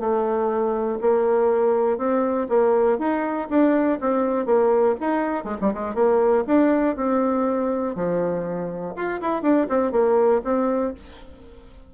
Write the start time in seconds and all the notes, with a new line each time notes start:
0.00 A3
1.01 A#3
1.98 C4
2.50 A#3
2.99 D#4
3.50 D4
4.01 C4
4.46 A#3
5.00 D#4
5.44 G#3
5.61 G3
5.74 G#3
5.95 A#3
6.47 D4
6.96 C4
7.96 F3
8.96 F4
9.21 E4
9.42 D4
9.69 C4
9.92 A#3
10.44 C4